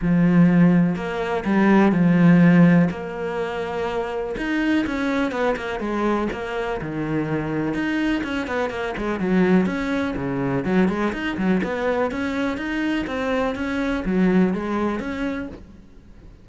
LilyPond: \new Staff \with { instrumentName = "cello" } { \time 4/4 \tempo 4 = 124 f2 ais4 g4 | f2 ais2~ | ais4 dis'4 cis'4 b8 ais8 | gis4 ais4 dis2 |
dis'4 cis'8 b8 ais8 gis8 fis4 | cis'4 cis4 fis8 gis8 dis'8 fis8 | b4 cis'4 dis'4 c'4 | cis'4 fis4 gis4 cis'4 | }